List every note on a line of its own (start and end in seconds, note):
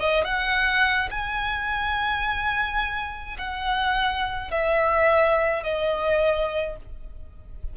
0.00 0.24 D#5
0.24 1.09 F#5
1.11 3.37 G#5
3.39 4.51 F#5
4.51 5.63 E5
5.63 6.77 D#5